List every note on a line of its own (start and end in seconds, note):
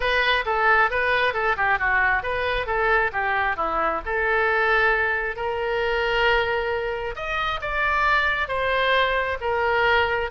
0.00 0.44 B4
0.45 0.90 A4
0.90 1.33 B4
1.33 1.55 A4
1.56 1.78 G4
1.78 2.22 F#4
2.22 2.66 B4
2.66 3.11 A4
3.12 3.56 G4
3.56 4.01 E4
4.05 5.36 A4
5.36 7.15 A#4
7.15 7.60 D#5
7.61 8.47 D5
8.47 9.37 C5
9.40 10.30 A#4